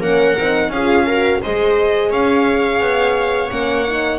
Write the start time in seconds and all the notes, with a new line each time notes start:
0.00 A#3 C#4 A#4 F#5
0.39 C4 D#4
0.68 C#4 G#4 F5
0.75 F4
1.06 F#4 A#4
1.42 G#3 G#4 C5 D#5
2.10 C#4 C#5 F5
2.80 B3
3.50 A#3 C#4 F#5
3.87 D#4